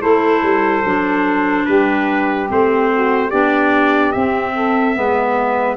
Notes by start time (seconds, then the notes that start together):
0.00 A3 E4 A4 C5
0.42 G3
0.84 F#3 D4
1.65 G3 G4 B4
2.48 A3 C4 C5
2.92 F#4
3.27 B3 D4 G4 D5
4.12 C4 E5
4.54 A4
4.95 G#3 B3 B4